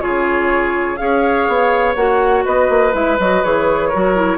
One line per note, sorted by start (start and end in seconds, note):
0.00 0.99 C#3
0.00 0.97 F4
0.00 0.99 G#4
0.00 0.96 C#5
0.96 1.48 C#4
0.96 1.95 G#4
0.96 2.45 C#5
0.96 1.94 F5
1.48 1.96 B3
1.95 2.44 A#3
1.95 2.92 F#4
1.95 2.44 F#5
2.45 2.69 B3
2.45 3.88 B4
2.45 2.94 D#5
2.69 2.93 A#3
2.92 3.18 G#3
2.92 3.17 E4
2.92 3.19 E5
3.19 3.43 F#3
3.19 3.43 F#4
3.19 3.43 D#5
3.43 3.93 E3
3.43 3.92 G#4
3.43 4.37 C#5
3.88 4.15 F#4
3.88 4.37 A#4
3.95 4.37 F#3
4.15 4.37 E4